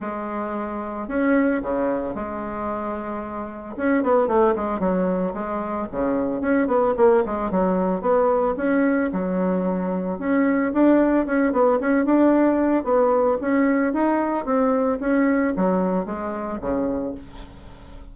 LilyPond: \new Staff \with { instrumentName = "bassoon" } { \time 4/4 \tempo 4 = 112 gis2 cis'4 cis4 | gis2. cis'8 b8 | a8 gis8 fis4 gis4 cis4 | cis'8 b8 ais8 gis8 fis4 b4 |
cis'4 fis2 cis'4 | d'4 cis'8 b8 cis'8 d'4. | b4 cis'4 dis'4 c'4 | cis'4 fis4 gis4 cis4 | }